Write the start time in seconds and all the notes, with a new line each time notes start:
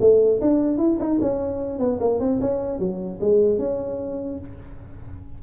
0.00 A3
0.41 D4
0.78 E4
0.99 D#4
1.21 C#4
1.79 B3
2.00 A#3
2.20 C4
2.41 C#4
2.79 F#3
3.20 G#3
3.58 C#4